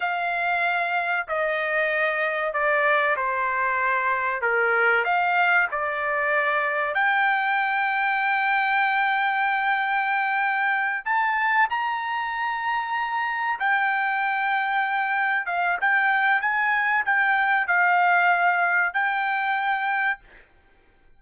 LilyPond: \new Staff \with { instrumentName = "trumpet" } { \time 4/4 \tempo 4 = 95 f''2 dis''2 | d''4 c''2 ais'4 | f''4 d''2 g''4~ | g''1~ |
g''4. a''4 ais''4.~ | ais''4. g''2~ g''8~ | g''8 f''8 g''4 gis''4 g''4 | f''2 g''2 | }